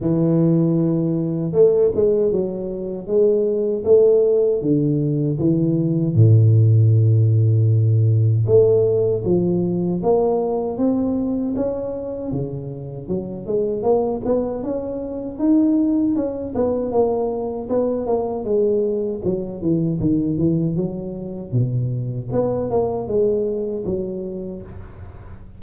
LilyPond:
\new Staff \with { instrumentName = "tuba" } { \time 4/4 \tempo 4 = 78 e2 a8 gis8 fis4 | gis4 a4 d4 e4 | a,2. a4 | f4 ais4 c'4 cis'4 |
cis4 fis8 gis8 ais8 b8 cis'4 | dis'4 cis'8 b8 ais4 b8 ais8 | gis4 fis8 e8 dis8 e8 fis4 | b,4 b8 ais8 gis4 fis4 | }